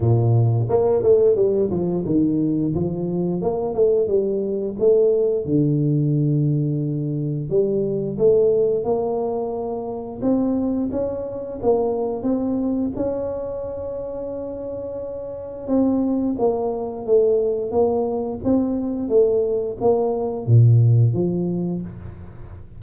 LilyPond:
\new Staff \with { instrumentName = "tuba" } { \time 4/4 \tempo 4 = 88 ais,4 ais8 a8 g8 f8 dis4 | f4 ais8 a8 g4 a4 | d2. g4 | a4 ais2 c'4 |
cis'4 ais4 c'4 cis'4~ | cis'2. c'4 | ais4 a4 ais4 c'4 | a4 ais4 ais,4 f4 | }